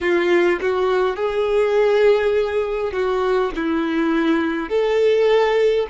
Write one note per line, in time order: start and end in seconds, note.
0.01 0.59 F4
0.60 1.16 F#4
1.16 2.92 G#4
2.92 3.51 F#4
3.55 4.69 E4
4.69 5.87 A4